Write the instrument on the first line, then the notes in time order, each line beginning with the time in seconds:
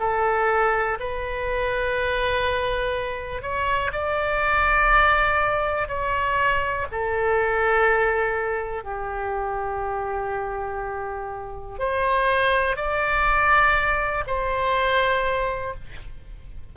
oboe
0.00 A4
1.00 B4
3.42 C#5
3.93 D5
5.88 C#5
6.92 A4
8.84 G4
11.79 C5
12.76 D5
14.27 C5